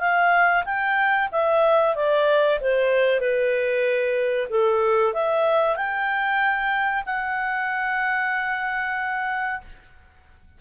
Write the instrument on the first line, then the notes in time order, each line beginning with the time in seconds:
clarinet
0.00 F5
0.65 G5
1.32 E5
1.96 D5
2.61 C5
3.20 B4
4.50 A4
5.14 E5
5.76 G5
7.06 F#5